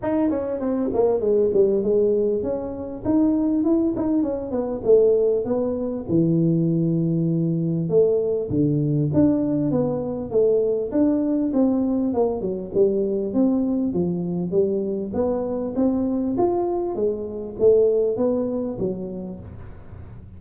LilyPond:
\new Staff \with { instrumentName = "tuba" } { \time 4/4 \tempo 4 = 99 dis'8 cis'8 c'8 ais8 gis8 g8 gis4 | cis'4 dis'4 e'8 dis'8 cis'8 b8 | a4 b4 e2~ | e4 a4 d4 d'4 |
b4 a4 d'4 c'4 | ais8 fis8 g4 c'4 f4 | g4 b4 c'4 f'4 | gis4 a4 b4 fis4 | }